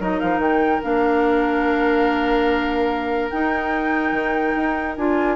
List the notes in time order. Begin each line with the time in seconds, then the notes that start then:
0.00 F#3 D#4 A#4 D#5
0.20 F3 F5
0.38 D#3 G5
0.83 A#3 D4 F5
3.30 D#4 G5
4.12 D#3
4.56 D#4
4.96 D4 F4 G#5